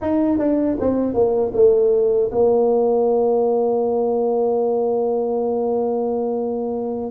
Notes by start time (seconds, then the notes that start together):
0.01 D#4
0.38 D4
0.79 C4
1.14 A#3
1.53 A3
2.31 A#3